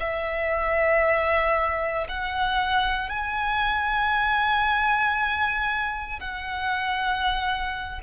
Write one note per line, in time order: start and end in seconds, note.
0.00 2.07 E5
2.08 3.09 F#5
3.09 6.20 G#5
6.20 8.01 F#5